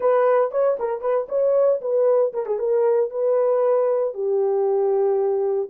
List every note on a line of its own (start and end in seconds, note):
0.00 0.51 B4
0.51 0.77 C#5
0.79 1.01 A#4
1.01 1.27 B4
1.29 1.80 C#5
1.81 2.32 B4
2.33 2.46 A#4
2.46 2.58 G#4
2.58 3.10 A#4
3.10 4.14 B4
4.14 5.69 G4